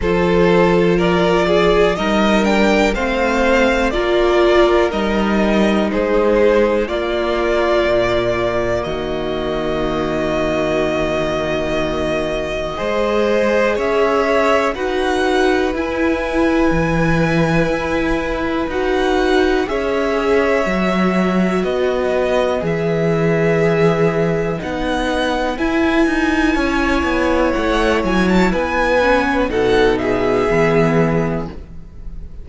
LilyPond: <<
  \new Staff \with { instrumentName = "violin" } { \time 4/4 \tempo 4 = 61 c''4 d''4 dis''8 g''8 f''4 | d''4 dis''4 c''4 d''4~ | d''4 dis''2.~ | dis''2 e''4 fis''4 |
gis''2. fis''4 | e''2 dis''4 e''4~ | e''4 fis''4 gis''2 | fis''8 gis''16 a''16 gis''4 fis''8 e''4. | }
  \new Staff \with { instrumentName = "violin" } { \time 4/4 a'4 ais'8 gis'8 ais'4 c''4 | ais'2 gis'4 f'4~ | f'4 fis'2.~ | fis'4 c''4 cis''4 b'4~ |
b'1 | cis''2 b'2~ | b'2. cis''4~ | cis''4 b'4 a'8 gis'4. | }
  \new Staff \with { instrumentName = "viola" } { \time 4/4 f'2 dis'8 d'8 c'4 | f'4 dis'2 ais4~ | ais1~ | ais4 gis'2 fis'4 |
e'2. fis'4 | gis'4 fis'2 gis'4~ | gis'4 dis'4 e'2~ | e'4. cis'8 dis'4 b4 | }
  \new Staff \with { instrumentName = "cello" } { \time 4/4 f2 g4 a4 | ais4 g4 gis4 ais4 | ais,4 dis2.~ | dis4 gis4 cis'4 dis'4 |
e'4 e4 e'4 dis'4 | cis'4 fis4 b4 e4~ | e4 b4 e'8 dis'8 cis'8 b8 | a8 fis8 b4 b,4 e4 | }
>>